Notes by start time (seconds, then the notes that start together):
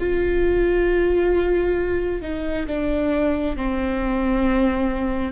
0.00 F4
2.22 D#4
2.67 D4
3.57 C4